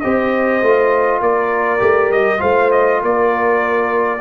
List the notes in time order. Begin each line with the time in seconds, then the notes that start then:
0.00 C4 G4 C5 D#5
0.61 A3 F4
1.21 A#3 A#4 D5
1.79 A3 G4
2.10 G3 D#5
2.38 A3 F4 C5 F5
2.71 D#5
3.02 A#3 A#4 D5